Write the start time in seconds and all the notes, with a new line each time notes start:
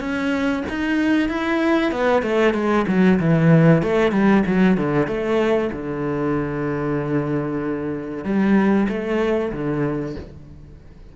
0.00 C#4
0.69 D#4
1.29 E4
1.92 B3
2.22 A3
2.54 G#3
2.88 F#3
3.20 E3
3.83 A3
4.12 G3
4.46 F#3
4.77 D3
5.07 A3
5.73 D3
8.25 G3
8.89 A3
9.53 D3